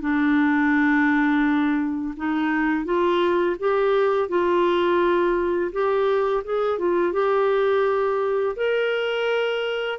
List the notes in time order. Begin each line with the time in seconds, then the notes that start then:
0.00 D4
2.16 D#4
2.85 F4
3.59 G4
4.28 F4
5.72 G4
6.44 G#4
6.78 F4
7.12 G4
8.56 A#4